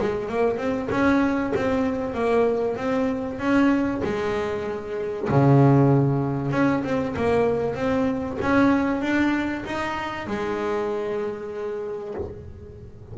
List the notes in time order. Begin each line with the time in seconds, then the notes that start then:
0.00 G#3
0.29 A#3
0.58 C4
0.91 C#4
1.56 C4
2.14 A#3
2.77 C4
3.39 C#4
4.04 G#3
5.30 C#3
6.52 C#4
6.84 C4
7.17 A#3
7.76 C4
8.42 C#4
9.02 D4
9.66 D#4
10.28 G#3